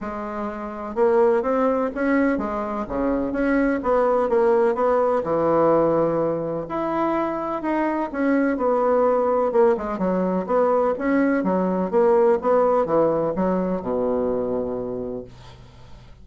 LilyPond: \new Staff \with { instrumentName = "bassoon" } { \time 4/4 \tempo 4 = 126 gis2 ais4 c'4 | cis'4 gis4 cis4 cis'4 | b4 ais4 b4 e4~ | e2 e'2 |
dis'4 cis'4 b2 | ais8 gis8 fis4 b4 cis'4 | fis4 ais4 b4 e4 | fis4 b,2. | }